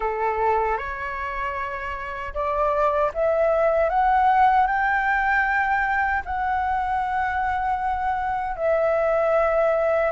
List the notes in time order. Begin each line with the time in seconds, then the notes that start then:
0.00 A4
0.77 C#5
2.33 D5
3.14 E5
3.89 F#5
4.66 G5
6.25 F#5
8.56 E5